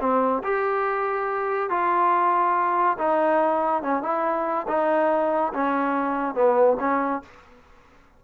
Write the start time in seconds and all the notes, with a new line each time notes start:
0.00 C4
0.43 G4
1.70 F4
2.98 D#4
3.83 C#4
4.03 E4
4.68 D#4
5.53 C#4
6.35 B3
6.80 C#4